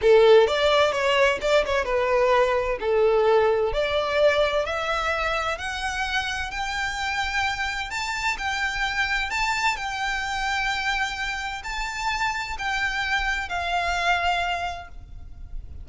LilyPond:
\new Staff \with { instrumentName = "violin" } { \time 4/4 \tempo 4 = 129 a'4 d''4 cis''4 d''8 cis''8 | b'2 a'2 | d''2 e''2 | fis''2 g''2~ |
g''4 a''4 g''2 | a''4 g''2.~ | g''4 a''2 g''4~ | g''4 f''2. | }